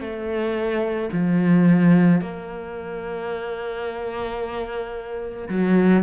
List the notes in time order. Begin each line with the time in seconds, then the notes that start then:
0.00 A3
1.12 F3
2.21 A#3
5.48 F#3